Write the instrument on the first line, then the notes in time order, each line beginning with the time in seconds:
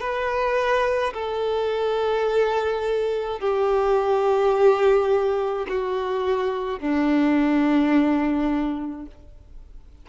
violin
0.00 B4
1.14 A4
3.40 G4
5.69 F#4
6.80 D4